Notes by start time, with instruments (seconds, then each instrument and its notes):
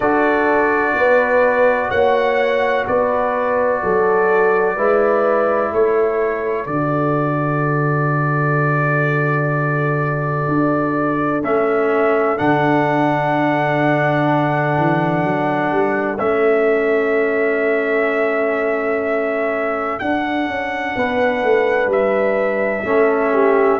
0.00 tuba D4, trombone F#4, horn A4, trumpet D5
0.94 tuba B3, horn B4
1.90 tuba A#3, horn C#5, trumpet F#5
2.87 tuba B3, horn B4, trumpet D5
3.82 tuba F#3, horn A4
4.76 tuba G#3, trombone E4, horn B4
5.72 tuba A3, horn A4, trumpet C#5
6.65 tuba D3, trombone F#4, trumpet D5
10.47 tuba D4
11.42 tuba A3, trombone C#4, trumpet E5
12.37 tuba D3, trombone D4, trumpet F#5
14.77 tuba E3
15.23 tuba F#3
15.71 tuba G3
16.18 tuba A3, trombone C#4, trumpet E5
19.99 trombone D4, tuba D4, trumpet F#5
20.46 tuba C#4
20.95 tuba B3, horn B4
21.43 tuba A3
21.86 tuba G3, trumpet E5
22.84 tuba A3, trombone C#4, horn A4
23.33 horn G4